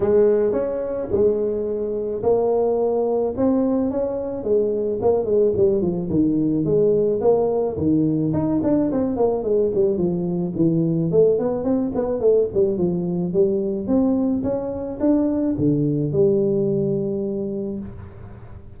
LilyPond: \new Staff \with { instrumentName = "tuba" } { \time 4/4 \tempo 4 = 108 gis4 cis'4 gis2 | ais2 c'4 cis'4 | gis4 ais8 gis8 g8 f8 dis4 | gis4 ais4 dis4 dis'8 d'8 |
c'8 ais8 gis8 g8 f4 e4 | a8 b8 c'8 b8 a8 g8 f4 | g4 c'4 cis'4 d'4 | d4 g2. | }